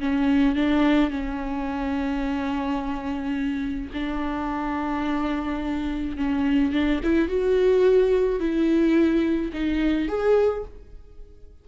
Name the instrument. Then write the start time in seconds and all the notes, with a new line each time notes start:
viola
0.00 C#4
0.56 D4
1.10 C#4
3.94 D4
6.17 C#4
6.73 D4
7.03 E4
7.28 F#4
8.40 E4
9.53 D#4
10.08 G#4